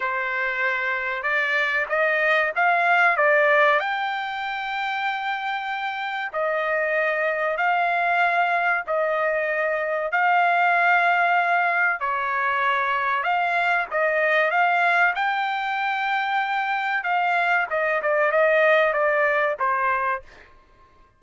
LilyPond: \new Staff \with { instrumentName = "trumpet" } { \time 4/4 \tempo 4 = 95 c''2 d''4 dis''4 | f''4 d''4 g''2~ | g''2 dis''2 | f''2 dis''2 |
f''2. cis''4~ | cis''4 f''4 dis''4 f''4 | g''2. f''4 | dis''8 d''8 dis''4 d''4 c''4 | }